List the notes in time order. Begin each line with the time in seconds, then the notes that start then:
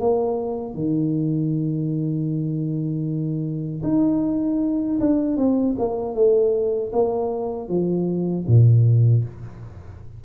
0.00 A#3
0.75 D#3
3.84 D#4
5.00 D4
5.37 C4
5.79 A#3
6.15 A3
6.93 A#3
7.69 F3
8.48 A#2